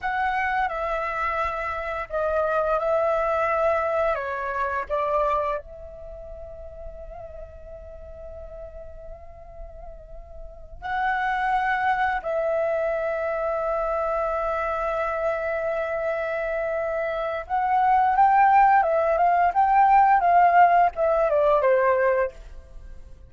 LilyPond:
\new Staff \with { instrumentName = "flute" } { \time 4/4 \tempo 4 = 86 fis''4 e''2 dis''4 | e''2 cis''4 d''4 | e''1~ | e''2.~ e''8 fis''8~ |
fis''4. e''2~ e''8~ | e''1~ | e''4 fis''4 g''4 e''8 f''8 | g''4 f''4 e''8 d''8 c''4 | }